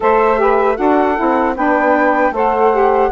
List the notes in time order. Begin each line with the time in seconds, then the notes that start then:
0.00 A3 A4 C5 E5
0.36 G4 B4
0.76 D4 F#4 A4 F#5
1.16 C4 E4
1.56 B3 D4 B4 G5
2.31 A3 A4 C5 F#5
2.72 G4